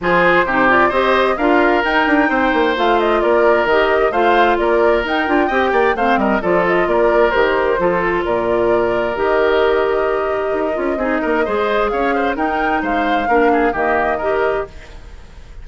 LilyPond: <<
  \new Staff \with { instrumentName = "flute" } { \time 4/4 \tempo 4 = 131 c''4. d''8 dis''4 f''4 | g''2 f''8 dis''8 d''4 | dis''4 f''4 d''4 g''4~ | g''4 f''8 dis''8 d''8 dis''8 d''4 |
c''2 d''2 | dis''1~ | dis''2 f''4 g''4 | f''2 dis''2 | }
  \new Staff \with { instrumentName = "oboe" } { \time 4/4 gis'4 g'4 c''4 ais'4~ | ais'4 c''2 ais'4~ | ais'4 c''4 ais'2 | dis''8 d''8 c''8 ais'8 a'4 ais'4~ |
ais'4 a'4 ais'2~ | ais'1 | gis'8 ais'8 c''4 cis''8 c''8 ais'4 | c''4 ais'8 gis'8 g'4 ais'4 | }
  \new Staff \with { instrumentName = "clarinet" } { \time 4/4 f'4 dis'8 f'8 g'4 f'4 | dis'2 f'2 | g'4 f'2 dis'8 f'8 | g'4 c'4 f'2 |
g'4 f'2. | g'2.~ g'8 f'8 | dis'4 gis'2 dis'4~ | dis'4 d'4 ais4 g'4 | }
  \new Staff \with { instrumentName = "bassoon" } { \time 4/4 f4 c4 c'4 d'4 | dis'8 d'8 c'8 ais8 a4 ais4 | dis4 a4 ais4 dis'8 d'8 | c'8 ais8 a8 g8 f4 ais4 |
dis4 f4 ais,2 | dis2. dis'8 cis'8 | c'8 ais8 gis4 cis'4 dis'4 | gis4 ais4 dis2 | }
>>